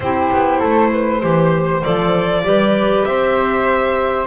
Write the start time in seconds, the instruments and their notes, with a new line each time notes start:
0.00 double bass C4, clarinet E4, flute G4, violin C5
0.32 double bass B3
0.59 double bass A3, flute A4
0.92 flute B4
1.20 double bass E3, clarinet G4, flute C5
1.83 double bass F3, clarinet A4, violin D5
2.44 double bass G3, clarinet G4, flute B4
3.04 double bass C4, flute C5, violin E5